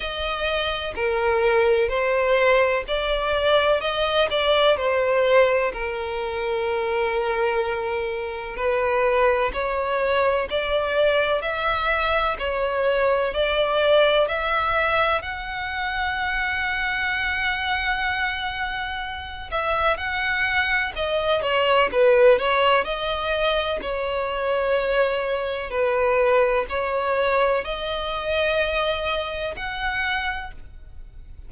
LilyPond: \new Staff \with { instrumentName = "violin" } { \time 4/4 \tempo 4 = 63 dis''4 ais'4 c''4 d''4 | dis''8 d''8 c''4 ais'2~ | ais'4 b'4 cis''4 d''4 | e''4 cis''4 d''4 e''4 |
fis''1~ | fis''8 e''8 fis''4 dis''8 cis''8 b'8 cis''8 | dis''4 cis''2 b'4 | cis''4 dis''2 fis''4 | }